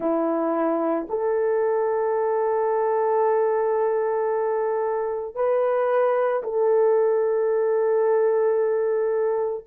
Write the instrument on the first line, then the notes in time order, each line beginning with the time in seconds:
horn
0.00 E4
1.09 A4
5.35 B4
6.43 A4